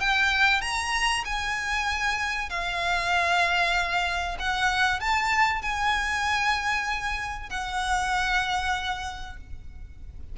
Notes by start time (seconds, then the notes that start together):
0.00 G5
0.61 A#5
1.25 G#5
2.49 F5
4.39 F#5
5.00 A5
5.62 G#5
7.49 F#5